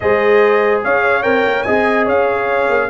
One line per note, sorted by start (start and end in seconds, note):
0.00 0.84 G#3
0.00 1.22 G#4
0.00 0.84 C5
0.00 0.81 D#5
0.83 1.24 C#4
0.83 1.65 C#5
0.83 1.22 F5
1.22 1.45 C4
1.22 1.64 A#4
1.22 1.62 G5
1.45 1.66 A#3
1.62 2.08 C4
1.62 2.89 G#4
1.62 2.05 D#5
1.62 2.04 G#5
2.05 2.68 C#4
2.05 2.88 C#5
2.05 2.89 F5
2.68 2.89 A#3